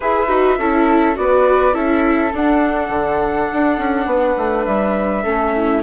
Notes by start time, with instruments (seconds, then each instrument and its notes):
0.00 bassoon E4, viola G#4, flute B4 E5
0.28 bassoon D#4, viola F#4
0.58 bassoon C#4, viola E4, flute A4
1.14 bassoon B3, viola F#4, flute D5
1.20 flute B4
1.73 bassoon C#4, viola E4, flute A4 E5
2.33 bassoon D4, viola D4, flute F#5
2.89 bassoon D3
3.52 bassoon D4
3.78 bassoon C#4
4.06 bassoon B3, flute B4
4.36 bassoon A3
4.64 bassoon G3, flute E5
5.23 bassoon A3, viola C#4, flute A4
5.55 flute E4